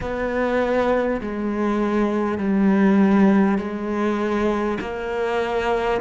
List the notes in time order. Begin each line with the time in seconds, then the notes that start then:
0.01 B3
1.21 G#3
2.38 G3
3.57 G#3
4.81 A#3